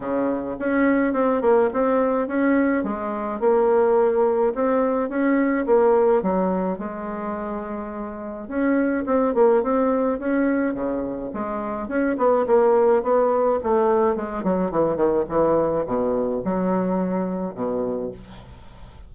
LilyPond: \new Staff \with { instrumentName = "bassoon" } { \time 4/4 \tempo 4 = 106 cis4 cis'4 c'8 ais8 c'4 | cis'4 gis4 ais2 | c'4 cis'4 ais4 fis4 | gis2. cis'4 |
c'8 ais8 c'4 cis'4 cis4 | gis4 cis'8 b8 ais4 b4 | a4 gis8 fis8 e8 dis8 e4 | b,4 fis2 b,4 | }